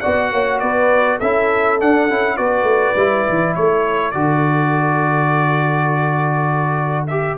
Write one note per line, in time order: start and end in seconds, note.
0.00 0.32 B3
0.00 1.20 F#4
0.00 0.30 D5
0.00 0.59 F#5
0.32 0.62 A#3
0.32 0.61 C#5
0.60 1.20 B3
0.60 1.18 B4
0.60 1.18 D5
1.18 1.80 C#4
1.18 1.79 E4
1.18 2.36 A4
1.18 1.79 E5
1.79 2.09 D4
1.79 2.10 D4
1.79 2.37 F#5
2.10 2.38 C#4
2.10 2.37 E4
2.37 2.62 B3
2.37 2.96 F#4
2.37 3.55 B4
2.37 3.54 D5
2.62 2.92 A3
2.95 3.25 G3
2.95 4.14 E4
3.29 3.56 E3
3.55 4.14 A3
3.55 7.37 A4
3.55 4.11 C#5
4.11 7.37 D3
4.11 7.08 F#4
4.11 7.05 D5
7.07 7.37 G4
7.07 7.36 E5